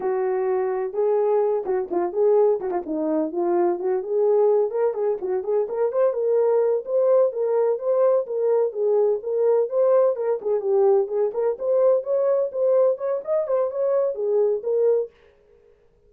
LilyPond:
\new Staff \with { instrumentName = "horn" } { \time 4/4 \tempo 4 = 127 fis'2 gis'4. fis'8 | f'8 gis'4 fis'16 f'16 dis'4 f'4 | fis'8 gis'4. ais'8 gis'8 fis'8 gis'8 | ais'8 c''8 ais'4. c''4 ais'8~ |
ais'8 c''4 ais'4 gis'4 ais'8~ | ais'8 c''4 ais'8 gis'8 g'4 gis'8 | ais'8 c''4 cis''4 c''4 cis''8 | dis''8 c''8 cis''4 gis'4 ais'4 | }